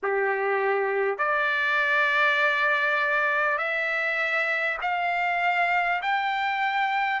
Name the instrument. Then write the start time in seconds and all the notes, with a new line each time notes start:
trumpet
0.02 G4
1.18 D5
3.58 E5
4.81 F5
6.02 G5